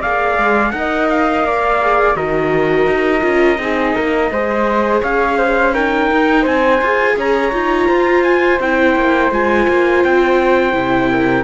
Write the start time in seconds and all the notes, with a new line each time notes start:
0.00 A#3 G#4 D5 F5
0.38 G#3
0.72 D#4 A#4 D#5 F#5
1.09 F5
1.44 A#3 D5
1.82 G#4
2.16 D#3 F#4 A#4 D#5
2.87 D#4
3.21 C#4 F4
3.58 C4 D#4 G#4
3.95 A#3 A#4
4.31 G#3 G#4 C5
5.02 C#4 C#5 F5
5.38 C5
5.74 D#4 A#4 G5
6.11 D#4
6.42 C4 C5 G#5
6.82 F4 G#4
7.17 C#4 C#5 A#5
7.52 D#4 F4
7.89 F4 C5
8.24 G#5
8.60 C4 E4 G5
8.96 A#3
9.31 G#3 F4 G#5
9.69 A#3
10.04 C4 G5
10.73 C3 E4
11.11 A#4